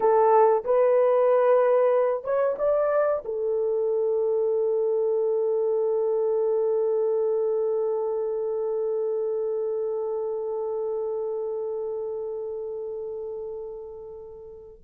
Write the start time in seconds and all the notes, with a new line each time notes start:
0.00 A4
0.64 B4
2.23 C#5
2.58 D5
3.24 A4